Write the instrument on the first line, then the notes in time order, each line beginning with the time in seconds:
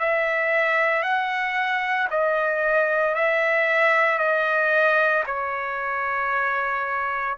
trumpet
0.00 E5
1.03 F#5
2.11 D#5
3.15 E5
4.18 D#5
5.27 C#5